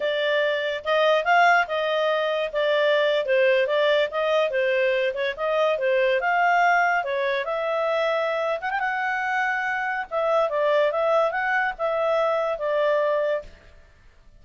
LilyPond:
\new Staff \with { instrumentName = "clarinet" } { \time 4/4 \tempo 4 = 143 d''2 dis''4 f''4 | dis''2 d''4.~ d''16 c''16~ | c''8. d''4 dis''4 c''4~ c''16~ | c''16 cis''8 dis''4 c''4 f''4~ f''16~ |
f''8. cis''4 e''2~ e''16~ | e''8 fis''16 g''16 fis''2. | e''4 d''4 e''4 fis''4 | e''2 d''2 | }